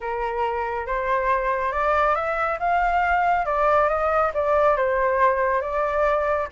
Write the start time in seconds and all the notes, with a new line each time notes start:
0.01 A#4
0.86 C5
1.71 D5
2.15 E5
2.59 F5
3.45 D5
3.88 D#5
4.34 D5
4.76 C5
5.61 D5